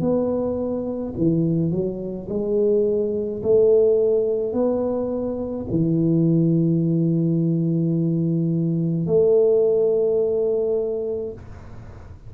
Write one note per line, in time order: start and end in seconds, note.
0.00 1.13 B3
1.17 1.71 E3
1.71 2.27 F#3
2.28 3.42 G#3
3.42 4.53 A3
4.53 5.66 B3
5.70 9.06 E3
9.06 11.33 A3